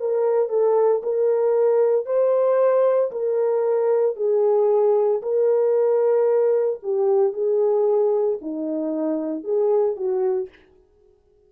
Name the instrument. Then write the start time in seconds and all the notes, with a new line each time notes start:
horn
0.00 A#4
0.50 A4
1.03 A#4
2.06 C5
3.11 A#4
4.16 G#4
5.22 A#4
6.83 G4
7.33 G#4
8.42 D#4
9.44 G#4
9.97 F#4